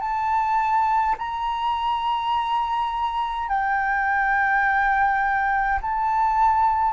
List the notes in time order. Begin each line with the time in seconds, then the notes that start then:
0.00 A5
1.17 A#5
3.48 G5
5.81 A5